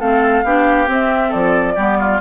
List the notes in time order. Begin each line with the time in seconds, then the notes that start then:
0.00 A3 C4 A4 F5
0.44 B3 D4 G4
0.87 C4
0.93 E5
1.29 F3 A4 D5
1.76 G3 B3 G4
2.00 F4